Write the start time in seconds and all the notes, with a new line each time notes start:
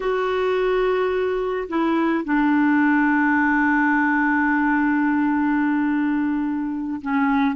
0.00 F#4
1.68 E4
2.24 D4
7.01 C#4